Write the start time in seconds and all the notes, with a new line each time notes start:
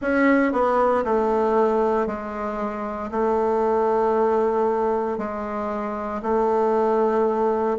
0.01 C#4
0.52 B3
1.04 A3
2.06 G#3
3.11 A3
5.18 G#3
6.22 A3